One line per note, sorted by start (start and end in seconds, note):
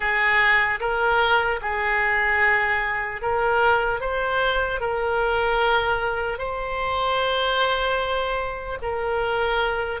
0.00 0.79 G#4
0.80 1.60 A#4
1.61 3.21 G#4
3.21 4.00 A#4
4.00 4.80 C5
4.80 6.38 A#4
6.38 8.78 C5
8.81 10.00 A#4